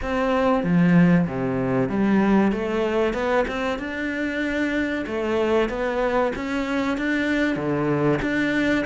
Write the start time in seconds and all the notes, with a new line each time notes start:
0.01 C4
0.63 F3
1.27 C3
1.89 G3
2.51 A3
3.13 B3
3.47 C4
3.78 D4
5.06 A3
5.69 B3
6.35 C#4
6.97 D4
7.56 D3
8.21 D4